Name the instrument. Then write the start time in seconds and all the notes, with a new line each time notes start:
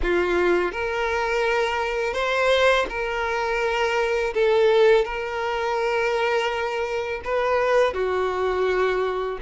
violin
0.02 F4
0.72 A#4
2.13 C5
2.89 A#4
4.34 A4
5.04 A#4
7.24 B4
7.93 F#4